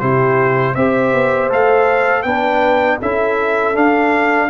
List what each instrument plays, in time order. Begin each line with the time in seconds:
0.00 tuba C3, trombone E4, horn G4, trumpet C5
0.75 tuba C4, trombone G4, horn C5, trumpet E5
1.13 tuba B3
1.50 tuba A3, trombone A4, trumpet F5
2.23 tuba B3, trombone D4, horn B4, trumpet G5
3.01 tuba C#4, trombone E4, horn A4, trumpet E5
3.75 trombone D4, tuba D4, trumpet F5